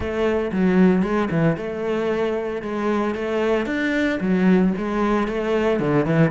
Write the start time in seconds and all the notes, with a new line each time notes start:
0.00 A3
0.51 F#3
1.02 G#3
1.30 E3
1.56 A3
2.62 G#3
3.14 A3
3.66 D4
4.20 F#3
4.77 G#3
5.27 A3
5.79 D3
6.05 E3